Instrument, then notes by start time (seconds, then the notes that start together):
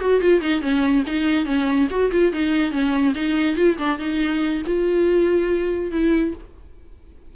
viola
0.00 F#4
0.21 F4
0.41 D#4
0.61 C#4
1.06 D#4
1.45 C#4
1.90 F#4
2.11 F4
2.33 D#4
2.71 C#4
3.15 D#4
3.56 F4
3.78 D4
3.99 D#4
4.66 F4
5.91 E4